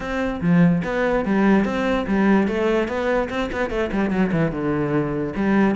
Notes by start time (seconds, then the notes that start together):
0.00 C4
0.41 F3
0.84 B3
1.25 G3
1.64 C4
2.07 G3
2.47 A3
2.87 B3
3.29 C4
3.52 B3
3.69 A3
3.92 G3
4.10 F#3
4.32 E3
4.51 D3
5.35 G3